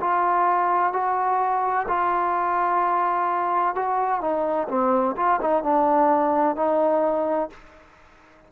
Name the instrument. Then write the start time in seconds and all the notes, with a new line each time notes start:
trombone
0.00 F4
0.92 F#4
1.87 F4
3.75 F#4
4.20 D#4
4.68 C4
5.16 F4
5.41 D#4
5.62 D4
6.56 D#4